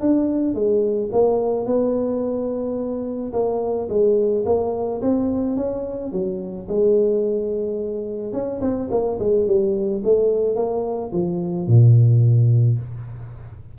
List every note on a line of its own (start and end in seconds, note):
0.00 0.54 D4
0.54 1.10 G#3
1.12 1.65 A#3
1.65 3.32 B3
3.32 3.88 A#3
3.89 4.44 G#3
4.45 5.01 A#3
5.01 5.56 C4
5.56 6.12 C#4
6.12 6.67 F#3
6.68 8.32 G#3
8.32 8.60 C#4
8.61 8.89 C4
8.90 9.18 A#3
9.19 9.46 G#3
9.46 10.02 G3
10.04 10.55 A3
10.55 11.11 A#3
11.12 11.67 F3
11.67 12.78 A#2